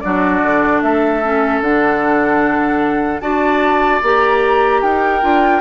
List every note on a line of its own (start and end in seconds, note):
0.00 0.42 F#3
0.00 1.23 D4
0.00 0.83 F#4
0.00 0.80 D5
0.42 0.82 D3
0.81 1.60 A3
0.81 3.22 A4
0.81 1.61 E5
1.23 1.63 C#4
1.60 3.20 D3
1.60 3.21 D4
1.60 3.20 F#5
3.20 4.01 D4
3.20 4.01 F#4
3.20 4.81 D5
3.20 4.00 A5
4.02 4.82 A#3
4.02 5.21 G4
4.02 4.82 A#5
4.81 5.22 D#4
4.81 5.61 A#4
4.81 5.61 G5
5.21 5.61 D4
5.21 5.61 F4